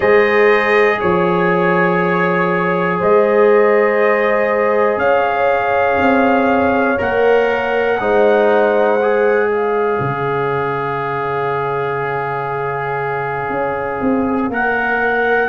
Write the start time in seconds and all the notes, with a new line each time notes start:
0.00 G#3 G#4 C5 D#5
1.00 F3 C#5
2.98 G#3 C5 D#5
4.96 C#4 C#5 F5
5.98 C4
6.97 A#3 A#4 F#5
7.99 G#3 D#4 C5
9.01 G#4
9.48 C#5 F5
10.00 C#3
13.49 C#4
14.00 C4
14.49 A#3 A#4 F#5